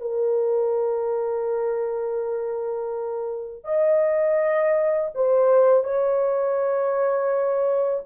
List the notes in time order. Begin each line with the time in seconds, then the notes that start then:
0.00 A#4
3.64 D#5
5.14 C5
5.84 C#5